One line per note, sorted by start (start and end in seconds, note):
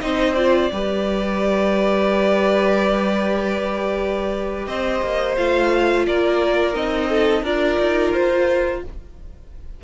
0.00 0.70 C4
0.00 0.34 D#4
0.00 0.72 C5
0.00 0.34 D#5
0.34 0.71 F4
0.34 4.65 D5
0.72 4.67 G3
0.72 5.37 G4
0.72 4.68 B4
4.67 5.02 C4
4.67 6.06 C5
4.67 5.36 D#5
5.02 5.37 A#3
5.36 6.07 A3
5.36 6.73 F4
5.36 6.05 F5
6.06 6.75 A#3
6.06 7.09 A#4
6.06 6.75 D5
6.73 7.43 C4
6.73 7.42 D#4
6.73 7.44 D#5
7.09 7.43 A4
7.43 7.77 D4
7.43 8.82 F4
7.43 8.81 A#4
7.43 8.12 D5
7.79 8.14 D#4
8.12 8.83 F4
8.12 8.81 C5